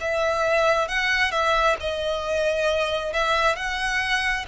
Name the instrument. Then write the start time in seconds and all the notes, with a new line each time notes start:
violin
0.00 E5
0.88 F#5
1.31 E5
1.80 D#5
3.13 E5
3.56 F#5